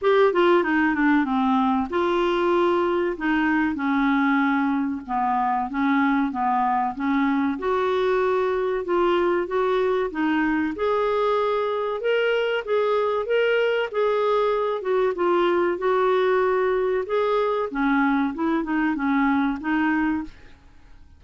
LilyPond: \new Staff \with { instrumentName = "clarinet" } { \time 4/4 \tempo 4 = 95 g'8 f'8 dis'8 d'8 c'4 f'4~ | f'4 dis'4 cis'2 | b4 cis'4 b4 cis'4 | fis'2 f'4 fis'4 |
dis'4 gis'2 ais'4 | gis'4 ais'4 gis'4. fis'8 | f'4 fis'2 gis'4 | cis'4 e'8 dis'8 cis'4 dis'4 | }